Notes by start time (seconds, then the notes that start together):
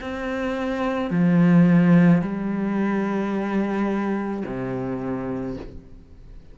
0.00 C4
1.10 F3
2.21 G3
4.45 C3